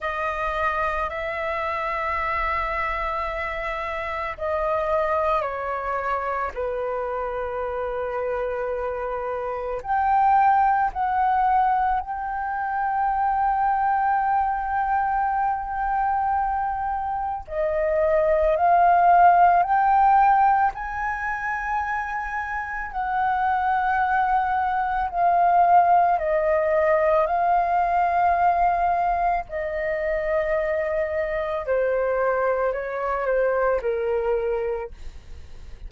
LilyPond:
\new Staff \with { instrumentName = "flute" } { \time 4/4 \tempo 4 = 55 dis''4 e''2. | dis''4 cis''4 b'2~ | b'4 g''4 fis''4 g''4~ | g''1 |
dis''4 f''4 g''4 gis''4~ | gis''4 fis''2 f''4 | dis''4 f''2 dis''4~ | dis''4 c''4 cis''8 c''8 ais'4 | }